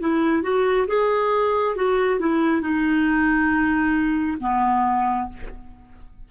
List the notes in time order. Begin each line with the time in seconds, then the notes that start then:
0.00 E4
0.43 F#4
0.88 G#4
1.76 F#4
2.20 E4
2.62 D#4
4.41 B3